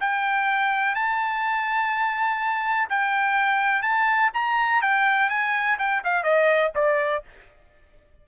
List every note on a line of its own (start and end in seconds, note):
0.00 0.95 G5
0.95 2.89 A5
2.89 3.82 G5
3.82 4.30 A5
4.34 4.82 A#5
4.82 5.29 G5
5.29 5.77 G#5
5.78 6.03 G5
6.04 6.23 F5
6.23 6.71 D#5
6.75 7.23 D5